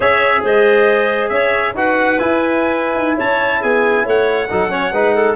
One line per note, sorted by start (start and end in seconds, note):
0.00 0.42 C#4
0.00 1.74 G#4
0.00 0.42 C#5
0.00 0.44 E5
0.43 1.30 G#3
0.43 1.31 C5
0.43 1.29 D#5
1.29 1.74 C#4
1.29 1.75 C#5
1.29 1.72 E5
1.74 2.18 D#4
1.74 2.18 F#4
1.74 3.17 B4
1.74 2.19 F#5
2.18 4.48 E4
2.18 2.94 E4
2.18 3.17 G#5
2.94 3.16 D#4
3.17 3.63 C#4
3.17 3.60 C#5
3.17 3.62 A5
3.61 4.06 B3
3.61 4.04 G#4
3.61 4.06 G#5
4.04 4.50 A3
4.04 4.48 C#5
4.04 5.35 F#5
4.49 4.92 F#3
4.49 4.69 D#4
4.49 4.71 A4
4.69 4.91 C#4
4.69 4.93 C#5
4.92 5.35 G#3
4.92 5.35 D#4
4.92 5.14 B4
5.14 5.35 A4